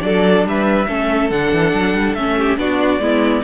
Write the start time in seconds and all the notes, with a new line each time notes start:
0.00 F#3 D4 A4 D5
0.45 G3 B4 E5
0.88 A3 C#4 A4
1.30 D3 D4 F#5
1.52 E3
1.74 F#3
1.93 G3
2.14 A3 C#4 E5
2.38 G4
2.57 B3 D4 F#4 D5
2.99 G#3 B3 E4